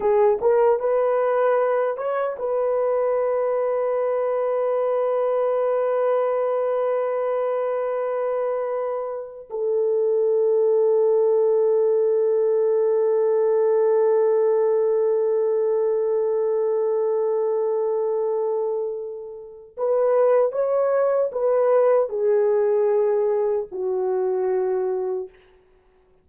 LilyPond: \new Staff \with { instrumentName = "horn" } { \time 4/4 \tempo 4 = 76 gis'8 ais'8 b'4. cis''8 b'4~ | b'1~ | b'1 | a'1~ |
a'1~ | a'1~ | a'4 b'4 cis''4 b'4 | gis'2 fis'2 | }